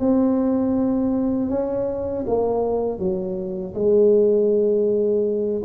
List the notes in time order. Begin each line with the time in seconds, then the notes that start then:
0.00 C4
1.50 C#4
2.27 A#3
2.99 F#3
3.75 G#3